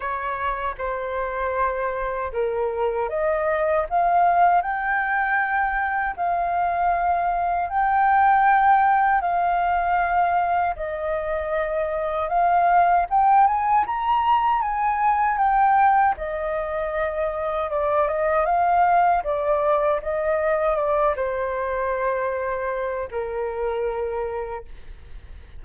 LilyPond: \new Staff \with { instrumentName = "flute" } { \time 4/4 \tempo 4 = 78 cis''4 c''2 ais'4 | dis''4 f''4 g''2 | f''2 g''2 | f''2 dis''2 |
f''4 g''8 gis''8 ais''4 gis''4 | g''4 dis''2 d''8 dis''8 | f''4 d''4 dis''4 d''8 c''8~ | c''2 ais'2 | }